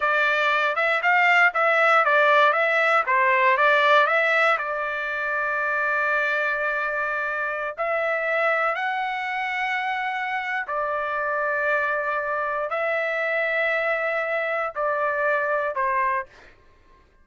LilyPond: \new Staff \with { instrumentName = "trumpet" } { \time 4/4 \tempo 4 = 118 d''4. e''8 f''4 e''4 | d''4 e''4 c''4 d''4 | e''4 d''2.~ | d''2.~ d''16 e''8.~ |
e''4~ e''16 fis''2~ fis''8.~ | fis''4 d''2.~ | d''4 e''2.~ | e''4 d''2 c''4 | }